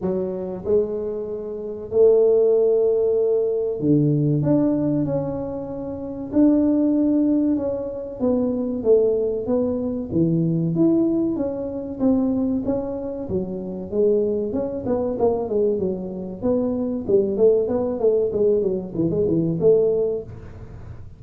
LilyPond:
\new Staff \with { instrumentName = "tuba" } { \time 4/4 \tempo 4 = 95 fis4 gis2 a4~ | a2 d4 d'4 | cis'2 d'2 | cis'4 b4 a4 b4 |
e4 e'4 cis'4 c'4 | cis'4 fis4 gis4 cis'8 b8 | ais8 gis8 fis4 b4 g8 a8 | b8 a8 gis8 fis8 e16 gis16 e8 a4 | }